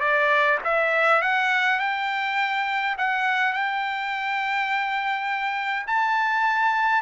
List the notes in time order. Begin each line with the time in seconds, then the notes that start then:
0.00 D5
0.64 E5
1.22 F#5
1.79 G5
2.97 F#5
3.53 G5
5.86 A5